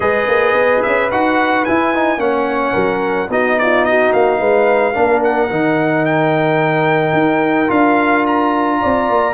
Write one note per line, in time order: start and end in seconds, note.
0.00 0.27 G#3
0.00 1.09 G#4
0.00 2.19 B4
0.00 0.82 D#5
0.27 0.53 A#3
0.53 0.81 B3
0.82 1.11 C#4
0.82 1.09 E5
1.11 1.66 D#4
1.11 1.66 F#4
1.11 1.64 F#5
1.64 1.94 E4
1.64 2.17 E4
1.64 2.19 G#5
1.94 2.18 D#4
2.17 2.72 A#3
2.17 3.28 C#4
2.17 2.73 C#5
2.17 3.30 F#5
2.73 3.28 F#3
2.73 3.28 A#4
3.28 4.11 B3
3.28 4.93 D#4
3.28 3.58 F#4
3.28 3.58 D#5
3.58 3.88 F4
3.58 3.84 D5
3.84 4.39 F#4
3.84 4.12 D#5
4.12 4.40 A#3
4.12 5.22 F5
4.39 4.95 G#3
4.39 4.93 B4
4.93 5.51 A#3
4.93 5.49 D4
4.93 8.78 A#4
5.23 6.05 F#5
5.49 7.12 D#3
5.49 7.67 D#4
6.05 7.70 G5
7.12 7.67 D#4
7.67 8.81 D4
7.67 9.32 F4
7.67 8.25 F5
8.26 9.33 A#5
8.81 9.09 C4
8.81 9.33 D5
9.09 9.33 A#3